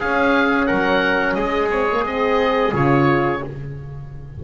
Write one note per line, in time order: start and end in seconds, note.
0.00 1.71 C#4
0.00 0.70 C#4
0.00 0.68 G#4
0.00 0.66 F5
0.66 1.36 F#3
0.66 1.36 A#4
0.66 1.34 F#5
1.34 2.72 G#3
1.34 3.43 G#4
1.34 1.68 D#5
1.71 1.88 C4
1.71 2.05 C#5
1.92 2.06 A#3
2.06 2.73 C4
2.06 2.75 D#5
2.73 3.41 C#3
2.73 3.41 F4
2.73 3.44 C#5